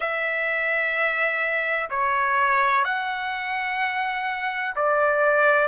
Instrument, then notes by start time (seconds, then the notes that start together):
trumpet
0.00 E5
1.90 C#5
2.84 F#5
4.75 D5